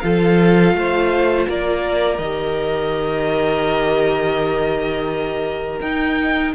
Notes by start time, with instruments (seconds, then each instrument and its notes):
0.00 cello F3, viola F4, violin A4 F5
0.74 cello A3, violin C5
1.48 cello A#3, violin A#4 D5
2.17 cello D#3, viola G4, violin D#5
5.81 viola D#4, cello D#4, violin G5